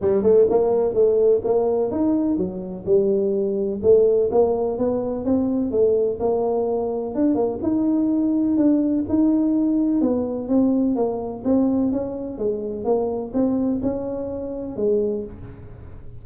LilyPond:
\new Staff \with { instrumentName = "tuba" } { \time 4/4 \tempo 4 = 126 g8 a8 ais4 a4 ais4 | dis'4 fis4 g2 | a4 ais4 b4 c'4 | a4 ais2 d'8 ais8 |
dis'2 d'4 dis'4~ | dis'4 b4 c'4 ais4 | c'4 cis'4 gis4 ais4 | c'4 cis'2 gis4 | }